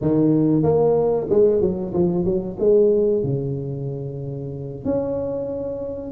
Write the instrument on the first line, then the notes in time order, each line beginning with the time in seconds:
tuba
0.01 D#3
0.62 A#3
1.29 G#3
1.61 F#3
1.93 F3
2.24 F#3
2.59 G#3
3.23 C#3
4.84 C#4